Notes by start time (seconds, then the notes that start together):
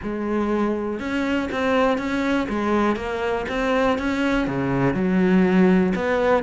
0.02 G#3
0.99 C#4
1.51 C4
1.98 C#4
2.49 G#3
2.96 A#3
3.48 C4
3.98 C#4
4.47 C#3
4.94 F#3
5.95 B3